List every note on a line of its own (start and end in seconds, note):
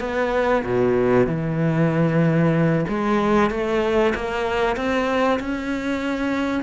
0.00 0.63 B3
0.64 1.27 B2
1.27 2.85 E3
2.88 3.51 G#3
3.51 4.14 A3
4.15 4.76 A#3
4.76 5.39 C4
5.40 6.63 C#4